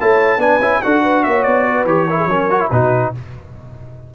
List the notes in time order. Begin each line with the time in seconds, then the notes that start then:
0.00 A3 E4 C#5 A5
0.37 B3 D4 B4 G#5
0.60 C#4 E4
0.82 D4 F#4 A4 F#5
1.03 B4
1.23 A#3 C#5 E5
1.43 B3 D5
1.68 B4
1.85 E3 G4 C#5
2.09 E4 A#4
2.18 G#4
2.26 F#3 C#4 A#4
2.50 F#4
2.60 E4
2.71 B2 D#4 F#4 B4